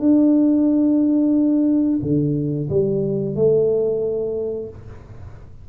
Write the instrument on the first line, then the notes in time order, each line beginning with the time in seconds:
tuba
0.00 D4
2.03 D3
2.70 G3
3.36 A3